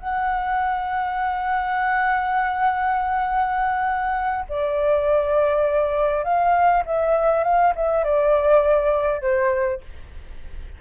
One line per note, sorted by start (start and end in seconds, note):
0.00 4.46 F#5
4.49 6.24 D5
6.24 6.84 F5
6.86 7.44 E5
7.44 7.74 F5
7.76 8.04 E5
8.04 9.22 D5
9.22 9.81 C5